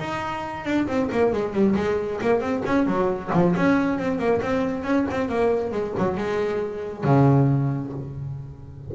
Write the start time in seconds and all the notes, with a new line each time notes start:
0.00 D#4
0.65 D4
0.87 C4
1.12 A#3
1.33 G#3
1.54 G3
1.76 G#3
2.22 A#3
2.41 C4
2.66 C#4
2.87 F#3
3.33 F3
3.56 C#4
3.99 C4
4.19 A#3
4.42 C4
4.84 C#4
5.11 C4
5.29 A#3
5.72 G#3
5.98 F#3
6.17 G#3
7.04 C#3